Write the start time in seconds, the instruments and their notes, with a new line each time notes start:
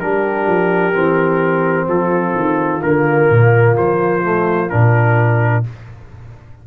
0.00 tuba G3, trombone D4, horn G4, trumpet A#4
0.47 tuba F3
0.93 tuba E3, trombone C4
1.88 tuba F3, horn F4, trumpet A4
2.36 tuba D#3
2.83 tuba D3, trombone A#3, trumpet A#4
3.30 tuba A#2
3.78 tuba F3, trumpet C5
4.24 trombone A3
4.70 tuba A#2, trombone D4, trumpet A#4